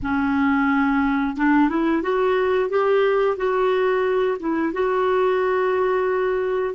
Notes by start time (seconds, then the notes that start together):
0.02 C#4
1.36 D4
1.69 E4
2.02 F#4
2.69 G4
3.36 F#4
4.39 E4
4.73 F#4